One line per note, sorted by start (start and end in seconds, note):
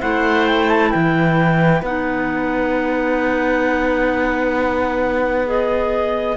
0.00 0.93 A3
0.00 1.82 E4
0.00 0.89 C5
0.00 0.46 F#5
0.46 0.69 G5
0.69 0.90 A5
0.89 1.81 E3
0.89 6.35 B4
0.89 1.81 G5
1.81 6.36 B3
1.81 5.45 D#4
1.81 5.48 F#5
5.45 6.36 G#4
5.45 6.37 D#5